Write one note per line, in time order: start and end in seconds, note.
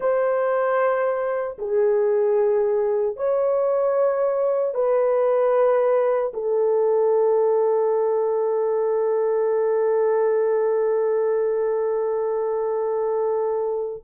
0.00 1.57 C5
1.58 3.16 G#4
3.16 4.74 C#5
4.74 6.32 B4
6.33 14.03 A4